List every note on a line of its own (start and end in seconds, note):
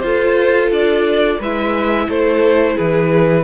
0.00 0.71 F4
0.00 1.40 F4
0.00 1.39 A4
0.00 0.68 C5
0.71 1.39 D4
0.71 1.40 D5
1.39 2.08 G#3
1.39 3.43 E4
1.39 2.07 B4
1.39 2.10 E5
2.08 2.77 A3
2.08 2.75 A4
2.08 2.77 C5
2.75 3.43 E3
2.75 3.43 G#4
2.75 3.43 B4